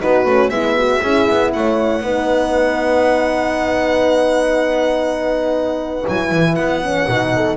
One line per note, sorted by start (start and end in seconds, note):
0.00 0.26 B3
0.00 0.25 D#4
0.00 0.53 F#4
0.00 0.50 B4
0.26 0.50 A3
0.26 0.51 C#4
0.50 1.01 G#3
0.50 1.01 B3
0.50 0.78 E4
0.50 1.51 E5
0.78 1.02 F#4
1.02 1.29 C#4
1.02 2.03 E4
1.02 1.53 G#4
1.30 1.55 B3
1.53 2.01 A3
1.53 2.04 C#5
1.53 6.07 F#5
2.01 6.05 B3
2.01 6.07 D#4
2.01 7.34 B4
6.08 6.32 F#3
6.08 6.83 E4
6.08 6.56 G#5
6.32 6.57 E3
6.56 7.08 B3
6.56 7.57 F#5
6.83 7.08 C#4
7.08 7.57 B2
7.08 7.57 D#4
7.36 7.57 A4